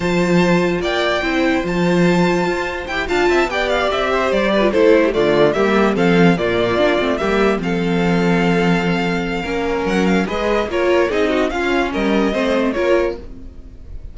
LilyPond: <<
  \new Staff \with { instrumentName = "violin" } { \time 4/4 \tempo 4 = 146 a''2 g''2 | a''2. g''8 a''8~ | a''8 g''8 f''8 e''4 d''4 c''8~ | c''8 d''4 e''4 f''4 d''8~ |
d''4. e''4 f''4.~ | f''1 | fis''8 f''8 dis''4 cis''4 dis''4 | f''4 dis''2 cis''4 | }
  \new Staff \with { instrumentName = "violin" } { \time 4/4 c''2 d''4 c''4~ | c''2.~ c''8 f''8 | e''8 d''4. c''4 b'8 a'8~ | a'16 g'16 f'4 g'4 a'4 f'8~ |
f'4. g'4 a'4.~ | a'2. ais'4~ | ais'4 b'4 ais'4 gis'8 fis'8 | f'4 ais'4 c''4 ais'4 | }
  \new Staff \with { instrumentName = "viola" } { \time 4/4 f'2. e'4 | f'2. g'8 f'8~ | f'8 g'2~ g'8. f'16 e'8~ | e'8 a4 ais4 c'4 ais8~ |
ais8 d'8 c'8 ais4 c'4.~ | c'2. cis'4~ | cis'4 gis'4 f'4 dis'4 | cis'2 c'4 f'4 | }
  \new Staff \with { instrumentName = "cello" } { \time 4/4 f2 ais4 c'4 | f2 f'4 e'8 d'8 | c'8 b4 c'4 g4 a8~ | a8 d4 g4 f4 ais,8~ |
ais,8 ais8 a8 g4 f4.~ | f2. ais4 | fis4 gis4 ais4 c'4 | cis'4 g4 a4 ais4 | }
>>